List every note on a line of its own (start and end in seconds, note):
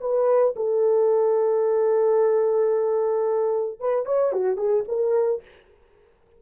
0.00 0.54 B4
0.56 3.80 A4
3.80 4.05 B4
4.05 4.32 C#5
4.32 4.57 F#4
4.57 4.84 G#4
4.88 5.42 A#4